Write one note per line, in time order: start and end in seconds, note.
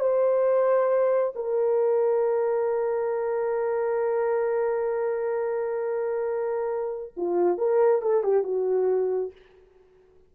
0.00 1.33 C5
1.35 7.13 A#4
7.17 7.58 F4
7.58 8.02 A#4
8.02 8.23 A4
8.23 8.43 G4
8.43 9.32 F#4